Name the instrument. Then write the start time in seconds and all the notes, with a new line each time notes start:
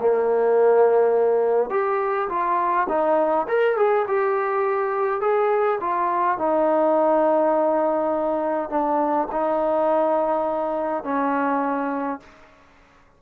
trombone
0.00 A#3
1.70 G4
2.29 F4
2.89 D#4
3.48 A#4
3.77 G#4
4.08 G4
5.21 G#4
5.80 F4
6.38 D#4
8.70 D4
9.32 D#4
11.03 C#4